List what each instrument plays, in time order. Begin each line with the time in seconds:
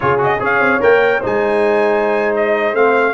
0.00 tuba C#3, trombone F4, horn G#4, trumpet C#5
0.17 trombone F#4, trumpet D#5
0.39 tuba C#4, trombone G#4, horn C#5, trumpet F5
0.60 tuba C4
0.80 tuba A#3, trombone A#4, trumpet G5
1.20 tuba G#3, trombone D#4, horn C5, trumpet G#5
2.35 trumpet D#5
2.73 tuba A3, trombone C4, trumpet F5